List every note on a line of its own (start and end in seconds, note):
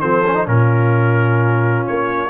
0.00 0.47 F3
0.00 0.23 C4
0.00 0.47 A4
0.00 0.46 C5
0.26 0.34 C#4
0.34 0.46 D#4
0.46 1.85 A#2
0.46 2.29 C#4
0.46 2.29 F4
0.46 1.86 A#4
1.86 2.29 A#3
1.86 2.29 C#5